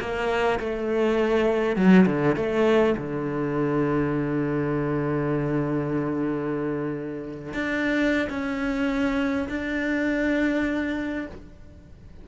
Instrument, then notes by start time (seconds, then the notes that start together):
cello
0.00 A#3
0.59 A3
1.76 F#3
2.06 D3
2.36 A3
2.98 D3
7.54 D4
8.30 C#4
9.49 D4